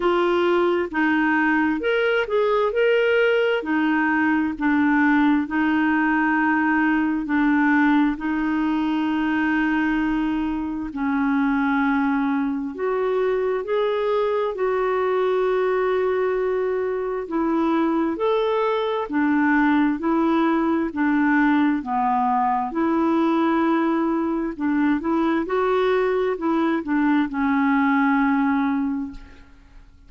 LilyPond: \new Staff \with { instrumentName = "clarinet" } { \time 4/4 \tempo 4 = 66 f'4 dis'4 ais'8 gis'8 ais'4 | dis'4 d'4 dis'2 | d'4 dis'2. | cis'2 fis'4 gis'4 |
fis'2. e'4 | a'4 d'4 e'4 d'4 | b4 e'2 d'8 e'8 | fis'4 e'8 d'8 cis'2 | }